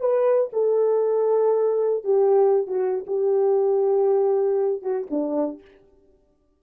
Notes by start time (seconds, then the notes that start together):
0.00 B4
0.52 A4
2.04 G4
2.67 F#4
3.06 G4
4.82 F#4
5.10 D4